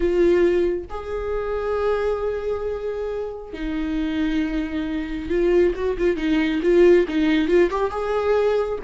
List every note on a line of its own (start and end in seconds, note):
0.00 0.85 F4
0.89 3.53 G#4
3.53 5.29 D#4
5.29 5.73 F4
5.75 5.97 F#4
5.98 6.16 F4
6.16 6.60 D#4
6.62 7.06 F4
7.07 7.47 D#4
7.47 7.69 F4
7.70 7.90 G4
7.90 8.79 G#4